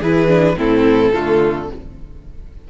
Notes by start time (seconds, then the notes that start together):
0.00 E3 E4 G#4 B4
0.28 D4
0.56 A2 C4 E4 A4
1.13 D3 A3 F4